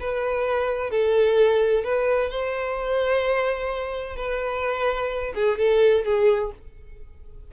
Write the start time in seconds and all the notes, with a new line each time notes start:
0.00 B4
0.91 A4
1.84 B4
2.30 C5
4.16 B4
5.35 G#4
5.58 A4
6.05 G#4